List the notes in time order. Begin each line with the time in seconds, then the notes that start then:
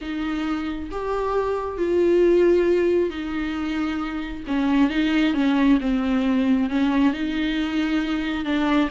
0.01 D#4
0.91 G4
1.77 F4
3.09 D#4
4.47 C#4
4.89 D#4
5.34 C#4
5.80 C4
6.69 C#4
7.13 D#4
8.44 D4